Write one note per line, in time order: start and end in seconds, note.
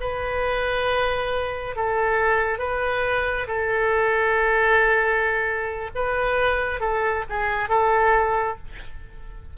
0.00 1.75 B4
1.75 2.59 A4
2.59 3.47 B4
3.47 5.90 A4
5.95 6.80 B4
6.80 7.24 A4
7.29 7.69 G#4
7.69 8.57 A4